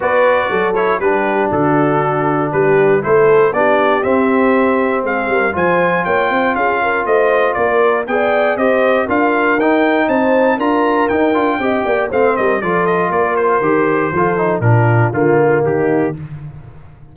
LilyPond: <<
  \new Staff \with { instrumentName = "trumpet" } { \time 4/4 \tempo 4 = 119 d''4. cis''8 b'4 a'4~ | a'4 b'4 c''4 d''4 | e''2 f''4 gis''4 | g''4 f''4 dis''4 d''4 |
g''4 dis''4 f''4 g''4 | a''4 ais''4 g''2 | f''8 dis''8 d''8 dis''8 d''8 c''4.~ | c''4 ais'4 f'4 g'4 | }
  \new Staff \with { instrumentName = "horn" } { \time 4/4 b'4 a'4 g'4 fis'4~ | fis'4 g'4 a'4 g'4~ | g'2 gis'8 ais'8 c''4 | cis''8 c''8 gis'8 ais'8 c''4 ais'4 |
d''4 c''4 ais'2 | c''4 ais'2 dis''8 d''8 | c''8 ais'8 a'4 ais'2 | a'4 f'2 dis'4 | }
  \new Staff \with { instrumentName = "trombone" } { \time 4/4 fis'4. e'8 d'2~ | d'2 e'4 d'4 | c'2. f'4~ | f'1 |
gis'4 g'4 f'4 dis'4~ | dis'4 f'4 dis'8 f'8 g'4 | c'4 f'2 g'4 | f'8 dis'8 d'4 ais2 | }
  \new Staff \with { instrumentName = "tuba" } { \time 4/4 b4 fis4 g4 d4~ | d4 g4 a4 b4 | c'2 gis8 g8 f4 | ais8 c'8 cis'4 a4 ais4 |
b4 c'4 d'4 dis'4 | c'4 d'4 dis'8 d'8 c'8 ais8 | a8 g8 f4 ais4 dis4 | f4 ais,4 d4 dis4 | }
>>